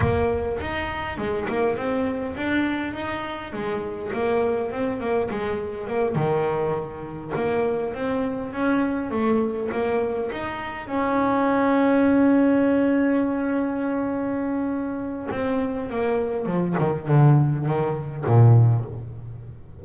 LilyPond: \new Staff \with { instrumentName = "double bass" } { \time 4/4 \tempo 4 = 102 ais4 dis'4 gis8 ais8 c'4 | d'4 dis'4 gis4 ais4 | c'8 ais8 gis4 ais8 dis4.~ | dis8 ais4 c'4 cis'4 a8~ |
a8 ais4 dis'4 cis'4.~ | cis'1~ | cis'2 c'4 ais4 | f8 dis8 d4 dis4 ais,4 | }